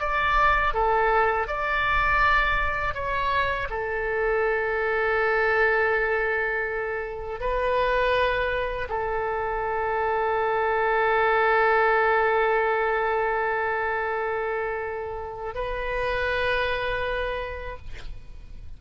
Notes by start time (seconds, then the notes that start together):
0.00 D5
0.74 A4
1.48 D5
2.95 C#5
3.70 A4
7.40 B4
8.89 A4
15.55 B4